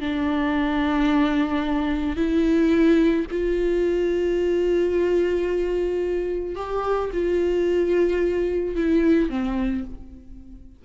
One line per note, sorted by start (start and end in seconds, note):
0.00 2.16 D4
2.16 3.25 E4
3.30 6.55 F4
6.55 7.10 G4
7.13 8.75 F4
8.75 9.29 E4
9.29 9.84 C4